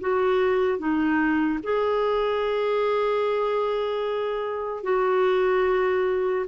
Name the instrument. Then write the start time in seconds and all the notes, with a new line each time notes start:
clarinet
0.00 F#4
0.78 D#4
1.63 G#4
4.83 F#4